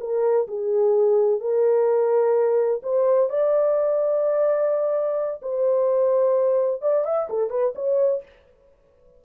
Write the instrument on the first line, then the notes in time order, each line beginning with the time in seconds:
horn
0.00 A#4
0.48 G#4
1.40 A#4
2.83 C5
3.30 D5
5.42 C5
6.82 D5
7.05 E5
7.29 A4
7.50 B4
7.75 C#5